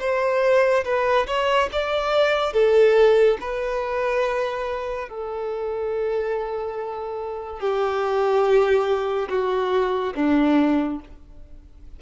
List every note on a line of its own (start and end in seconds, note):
0.00 0.85 C5
0.85 1.27 B4
1.27 1.69 C#5
1.72 2.53 D5
2.53 3.38 A4
3.41 5.09 B4
5.09 7.60 A4
7.60 9.29 G4
9.29 10.14 F#4
10.15 11.00 D4